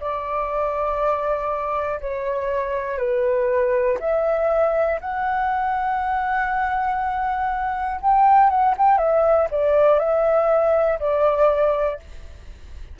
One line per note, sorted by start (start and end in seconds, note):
0.00 2.00 D5
2.00 2.98 C#5
2.98 3.98 B4
4.00 5.00 E5
5.00 8.00 F#5
8.01 8.50 G5
8.50 8.75 F#5
8.77 8.98 G5
8.98 9.48 E5
9.51 10.00 D5
10.00 11.00 E5
11.00 12.00 D5